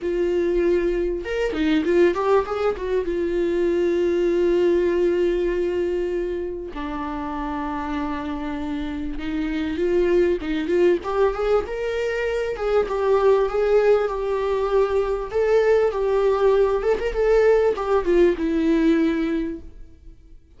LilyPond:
\new Staff \with { instrumentName = "viola" } { \time 4/4 \tempo 4 = 98 f'2 ais'8 dis'8 f'8 g'8 | gis'8 fis'8 f'2.~ | f'2. d'4~ | d'2. dis'4 |
f'4 dis'8 f'8 g'8 gis'8 ais'4~ | ais'8 gis'8 g'4 gis'4 g'4~ | g'4 a'4 g'4. a'16 ais'16 | a'4 g'8 f'8 e'2 | }